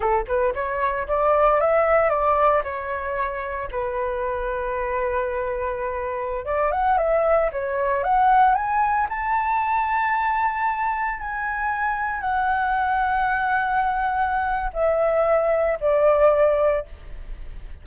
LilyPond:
\new Staff \with { instrumentName = "flute" } { \time 4/4 \tempo 4 = 114 a'8 b'8 cis''4 d''4 e''4 | d''4 cis''2 b'4~ | b'1~ | b'16 d''8 fis''8 e''4 cis''4 fis''8.~ |
fis''16 gis''4 a''2~ a''8.~ | a''4~ a''16 gis''2 fis''8.~ | fis''1 | e''2 d''2 | }